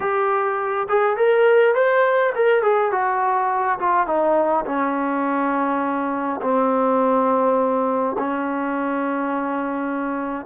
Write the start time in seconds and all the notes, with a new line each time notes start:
0.00 G4
0.88 G#4
1.16 A#4
1.74 C5
2.35 A#4
2.62 G#4
2.91 F#4
3.79 F4
4.06 D#4
4.65 C#4
6.41 C4
8.18 C#4